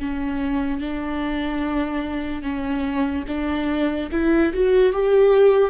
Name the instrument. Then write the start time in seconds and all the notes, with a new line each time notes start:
viola
0.00 C#4
0.81 D4
2.43 C#4
3.28 D4
4.12 E4
4.54 F#4
4.93 G4